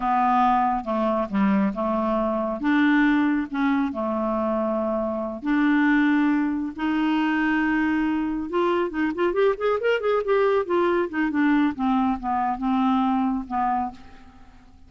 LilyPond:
\new Staff \with { instrumentName = "clarinet" } { \time 4/4 \tempo 4 = 138 b2 a4 g4 | a2 d'2 | cis'4 a2.~ | a8 d'2. dis'8~ |
dis'2.~ dis'8 f'8~ | f'8 dis'8 f'8 g'8 gis'8 ais'8 gis'8 g'8~ | g'8 f'4 dis'8 d'4 c'4 | b4 c'2 b4 | }